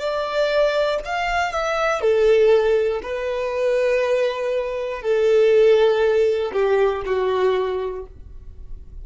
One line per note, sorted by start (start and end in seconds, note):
0.00 1.00 D5
1.05 1.52 F5
1.52 2.01 E5
2.01 3.01 A4
3.03 5.02 B4
5.02 6.52 A4
6.53 7.03 G4
7.06 8.06 F#4